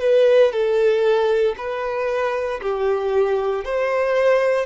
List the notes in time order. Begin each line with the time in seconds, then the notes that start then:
0.00 B4
0.52 A4
1.57 B4
2.61 G4
3.64 C5